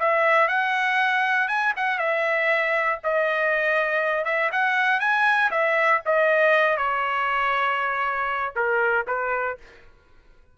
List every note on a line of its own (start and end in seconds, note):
0.00 0.48 E5
0.48 1.48 F#5
1.48 1.73 G#5
1.77 1.99 F#5
1.99 3.00 E5
3.04 4.25 D#5
4.25 4.51 E5
4.52 5.00 F#5
5.00 5.51 G#5
5.51 6.02 E5
6.06 6.77 D#5
6.77 8.54 C#5
8.56 9.06 A#4
9.08 9.58 B4